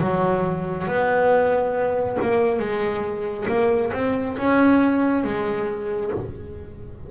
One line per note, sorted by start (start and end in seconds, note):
0.00 0.87 F#3
0.87 2.17 B3
2.21 2.59 A#3
2.59 3.46 G#3
3.48 3.91 A#3
3.93 4.36 C4
4.37 5.24 C#4
5.24 6.11 G#3